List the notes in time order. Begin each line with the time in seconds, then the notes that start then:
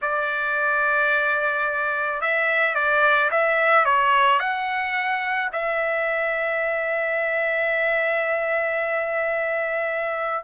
0.01 D5
2.21 E5
2.74 D5
3.30 E5
3.85 C#5
4.39 F#5
5.52 E5